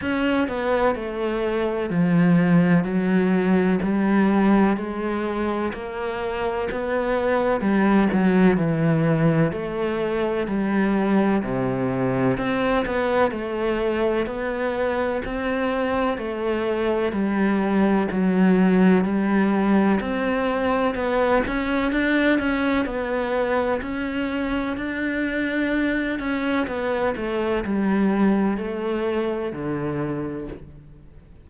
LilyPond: \new Staff \with { instrumentName = "cello" } { \time 4/4 \tempo 4 = 63 cis'8 b8 a4 f4 fis4 | g4 gis4 ais4 b4 | g8 fis8 e4 a4 g4 | c4 c'8 b8 a4 b4 |
c'4 a4 g4 fis4 | g4 c'4 b8 cis'8 d'8 cis'8 | b4 cis'4 d'4. cis'8 | b8 a8 g4 a4 d4 | }